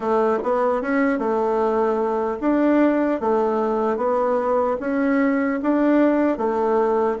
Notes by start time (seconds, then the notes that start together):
0.00 A3
0.43 B3
0.81 C#4
1.19 A3
2.40 D4
3.20 A3
3.96 B3
4.80 C#4
5.62 D4
6.37 A3